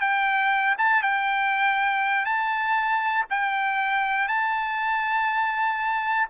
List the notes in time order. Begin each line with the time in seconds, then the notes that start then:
0.00 G5
0.77 A5
1.02 G5
2.25 A5
3.30 G5
4.27 A5